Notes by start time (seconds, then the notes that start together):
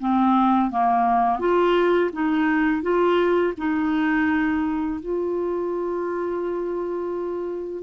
0.00 C4
0.71 A#3
1.40 F4
2.13 D#4
2.82 F4
3.57 D#4
5.01 F4